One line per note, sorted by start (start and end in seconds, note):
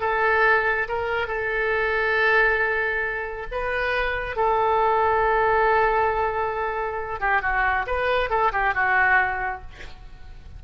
0.00 0.88 A4
0.88 1.27 A#4
1.27 3.46 A4
3.51 4.36 B4
4.36 7.20 A4
7.20 7.42 G4
7.42 7.85 F#4
7.86 8.29 B4
8.29 8.51 A4
8.52 8.74 G4
8.74 9.62 F#4